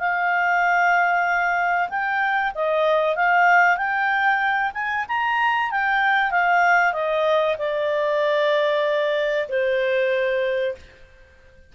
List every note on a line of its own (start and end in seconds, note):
0.00 1.89 F5
1.90 2.53 G5
2.55 3.16 D#5
3.16 3.78 F5
3.78 4.72 G5
4.74 5.06 G#5
5.09 5.71 A#5
5.71 6.31 G5
6.31 6.94 F5
6.94 7.57 D#5
7.59 9.48 D5
9.49 10.75 C5